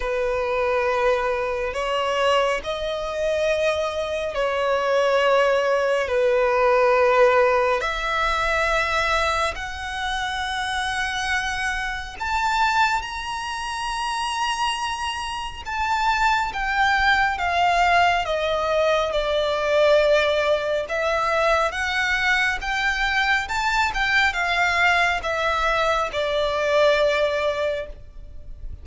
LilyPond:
\new Staff \with { instrumentName = "violin" } { \time 4/4 \tempo 4 = 69 b'2 cis''4 dis''4~ | dis''4 cis''2 b'4~ | b'4 e''2 fis''4~ | fis''2 a''4 ais''4~ |
ais''2 a''4 g''4 | f''4 dis''4 d''2 | e''4 fis''4 g''4 a''8 g''8 | f''4 e''4 d''2 | }